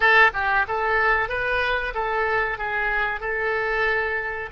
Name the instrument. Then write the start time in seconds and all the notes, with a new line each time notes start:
oboe
0.00 A4
0.33 G4
0.68 A4
1.28 B4
1.94 A4
2.58 G#4
3.20 A4